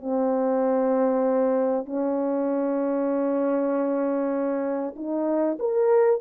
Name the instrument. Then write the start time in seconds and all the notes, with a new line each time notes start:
horn
0.00 C4
1.85 C#4
4.96 D#4
5.59 A#4